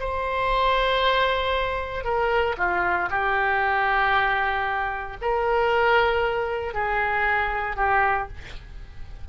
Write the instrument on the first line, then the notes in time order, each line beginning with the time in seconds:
oboe
0.00 C5
2.05 A#4
2.58 F4
3.11 G4
5.21 A#4
6.74 G#4
7.76 G4